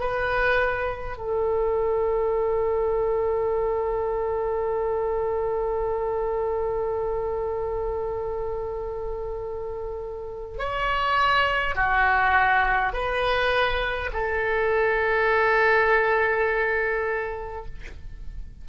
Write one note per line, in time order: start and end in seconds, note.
0.00 1.18 B4
1.18 10.58 A4
10.58 11.75 C#5
11.75 12.93 F#4
12.93 14.11 B4
14.13 17.66 A4